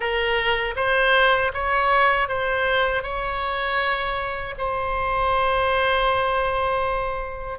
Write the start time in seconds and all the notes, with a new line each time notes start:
0.00 A#4
0.76 C5
1.53 C#5
2.28 C5
3.02 C#5
4.57 C5